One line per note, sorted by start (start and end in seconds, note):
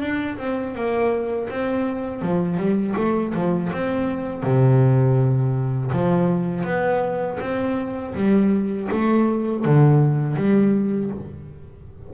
0.00 0.37 D4
0.37 0.74 C4
0.74 1.48 A#3
1.49 2.22 C4
2.22 2.57 F3
2.57 2.94 G3
2.96 3.33 A3
3.34 3.71 F3
3.72 4.43 C4
4.43 5.91 C3
5.92 6.64 F3
6.64 7.38 B3
7.40 8.14 C4
8.14 8.89 G3
8.91 9.65 A3
9.65 10.36 D3
10.36 11.10 G3